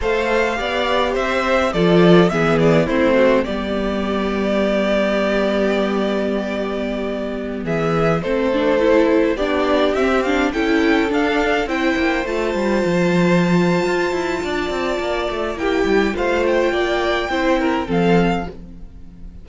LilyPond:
<<
  \new Staff \with { instrumentName = "violin" } { \time 4/4 \tempo 4 = 104 f''2 e''4 d''4 | e''8 d''8 c''4 d''2~ | d''1~ | d''4~ d''16 e''4 c''4.~ c''16~ |
c''16 d''4 e''8 f''8 g''4 f''8.~ | f''16 g''4 a''2~ a''8.~ | a''2. g''4 | f''8 g''2~ g''8 f''4 | }
  \new Staff \with { instrumentName = "violin" } { \time 4/4 c''4 d''4 c''4 a'4 | gis'4 e'8 fis'8 g'2~ | g'1~ | g'4~ g'16 gis'4 a'4.~ a'16~ |
a'16 g'2 a'4.~ a'16~ | a'16 c''2.~ c''8.~ | c''4 d''2 g'4 | c''4 d''4 c''8 ais'8 a'4 | }
  \new Staff \with { instrumentName = "viola" } { \time 4/4 a'4 g'2 f'4 | b4 c'4 b2~ | b1~ | b2~ b16 c'8 d'8 e'8.~ |
e'16 d'4 c'8 d'8 e'4 d'8.~ | d'16 e'4 f'2~ f'8.~ | f'2. e'4 | f'2 e'4 c'4 | }
  \new Staff \with { instrumentName = "cello" } { \time 4/4 a4 b4 c'4 f4 | e4 a4 g2~ | g1~ | g4~ g16 e4 a4.~ a16~ |
a16 b4 c'4 cis'4 d'8.~ | d'16 c'8 ais8 a8 g8 f4.~ f16 | f'8 e'8 d'8 c'8 ais8 a8 ais8 g8 | a4 ais4 c'4 f4 | }
>>